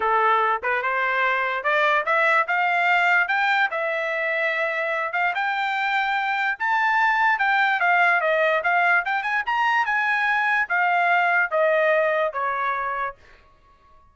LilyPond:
\new Staff \with { instrumentName = "trumpet" } { \time 4/4 \tempo 4 = 146 a'4. b'8 c''2 | d''4 e''4 f''2 | g''4 e''2.~ | e''8 f''8 g''2. |
a''2 g''4 f''4 | dis''4 f''4 g''8 gis''8 ais''4 | gis''2 f''2 | dis''2 cis''2 | }